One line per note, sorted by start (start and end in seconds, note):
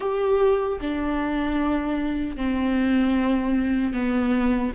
0.00 0.79 G4
0.81 2.36 D4
2.36 3.93 C4
3.93 4.72 B3